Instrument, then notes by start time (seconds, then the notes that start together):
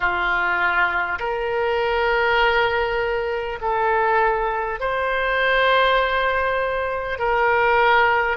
oboe
0.00 F4
1.19 A#4
3.61 A4
4.79 C5
7.18 A#4